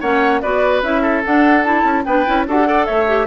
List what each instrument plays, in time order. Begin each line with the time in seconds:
0.00 bassoon A#3, clarinet C#4, oboe C#5, flute F#5
0.41 bassoon B3, clarinet F#4, oboe B4, flute D5
0.82 bassoon C#4, clarinet E4, flute E5
1.02 oboe A4
1.25 clarinet D4, bassoon D4, flute F#5
1.63 clarinet E4, flute A5
1.84 bassoon C#4
2.05 bassoon B3, clarinet D4, oboe B4, flute G5
2.26 bassoon C#4, clarinet E4
2.48 bassoon D4, clarinet F#4, oboe A4, flute F#5
2.55 clarinet G4
2.65 clarinet A4, oboe D5
2.85 bassoon A3, oboe C#5, flute E5
3.07 clarinet G4